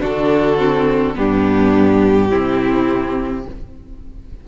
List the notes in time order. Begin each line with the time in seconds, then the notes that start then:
0.00 D3 D4 F#4 A4
0.58 C4
1.15 G2 B3 D4 G4
2.29 C3 C4 E4